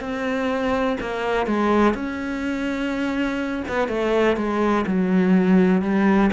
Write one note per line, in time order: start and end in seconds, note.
0.00 0.97 C4
1.01 1.47 A#3
1.47 1.94 G#3
1.94 3.64 C#4
3.68 3.88 B3
3.88 4.37 A3
4.37 4.85 G#3
4.87 5.82 F#3
5.82 6.30 G3